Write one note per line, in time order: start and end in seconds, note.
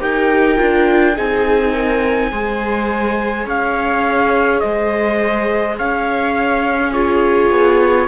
0.00 0.59 D#4
0.00 0.57 G4
0.00 1.14 A#4
0.00 1.18 G5
0.57 1.18 D4
0.57 1.15 F4
1.14 2.32 C4
1.14 2.31 D#4
1.14 1.72 G#4
1.14 3.49 G#5
1.73 2.31 A#4
2.32 3.47 G#3
2.32 6.93 G#4
2.32 3.47 C5
3.47 4.62 C#4
3.47 4.62 C#5
3.47 4.60 F5
4.60 5.79 G#3
4.60 5.77 C5
4.60 5.75 D#5
5.78 7.51 C#4
5.78 6.92 C#5
5.78 6.93 F5
6.92 8.08 F4
6.92 8.07 G#4
6.92 8.08 C#5
7.51 8.08 B3